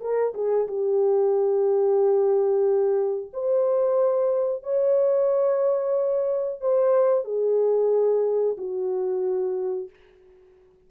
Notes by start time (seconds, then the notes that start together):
0.00 A#4
0.34 G#4
0.67 G4
3.33 C5
4.63 C#5
6.60 C5
7.24 G#4
8.57 F#4